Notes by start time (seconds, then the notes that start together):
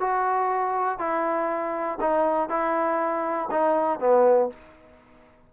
0.00 F#4
0.99 E4
2.00 D#4
2.49 E4
3.51 D#4
4.00 B3